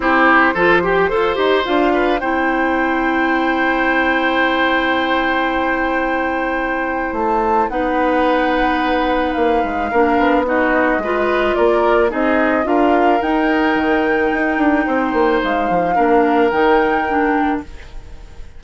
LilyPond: <<
  \new Staff \with { instrumentName = "flute" } { \time 4/4 \tempo 4 = 109 c''2. f''4 | g''1~ | g''1~ | g''4 a''4 fis''2~ |
fis''4 f''2 dis''4~ | dis''4 d''4 dis''4 f''4 | g''1 | f''2 g''2 | }
  \new Staff \with { instrumentName = "oboe" } { \time 4/4 g'4 a'8 g'8 c''4. b'8 | c''1~ | c''1~ | c''2 b'2~ |
b'2 ais'4 fis'4 | b'4 ais'4 gis'4 ais'4~ | ais'2. c''4~ | c''4 ais'2. | }
  \new Staff \with { instrumentName = "clarinet" } { \time 4/4 e'4 f'8 g'8 a'8 g'8 f'4 | e'1~ | e'1~ | e'2 dis'2~ |
dis'2 d'4 dis'4 | f'2 dis'4 f'4 | dis'1~ | dis'4 d'4 dis'4 d'4 | }
  \new Staff \with { instrumentName = "bassoon" } { \time 4/4 c'4 f4 f'8 dis'8 d'4 | c'1~ | c'1~ | c'4 a4 b2~ |
b4 ais8 gis8 ais8 b4. | gis4 ais4 c'4 d'4 | dis'4 dis4 dis'8 d'8 c'8 ais8 | gis8 f8 ais4 dis2 | }
>>